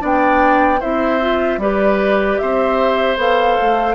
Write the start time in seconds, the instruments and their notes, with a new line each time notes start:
0.00 bassoon B3, clarinet D4, oboe D5, flute G5
0.80 bassoon C4, clarinet E4, oboe C5, flute E5
1.21 clarinet F4
1.58 bassoon G3, clarinet G4, oboe B4, flute D5
2.38 bassoon C4, oboe C5, flute E5
3.17 bassoon B3, clarinet A4, flute F5
3.62 bassoon A3